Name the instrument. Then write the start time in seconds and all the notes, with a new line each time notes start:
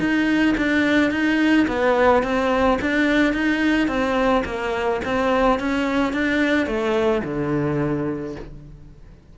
cello
0.00 D#4
0.58 D4
1.11 D#4
1.68 B3
2.23 C4
2.82 D4
3.34 D#4
3.88 C4
4.45 A#3
5.05 C4
5.60 C#4
6.13 D4
6.67 A3
7.24 D3